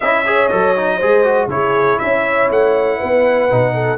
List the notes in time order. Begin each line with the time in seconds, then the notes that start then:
0.00 C#4 E4 D#5 E5
0.25 G#4 C#5
0.47 F#3 A4 D#5
0.76 D#4
0.96 G#3 G#4 C5
1.24 F#4
1.47 C#3 E4 G#4 C#5
1.98 C#4 C#5 E5
2.50 A3 F#5
2.98 B3 B4
3.49 B2 D#4
3.73 A4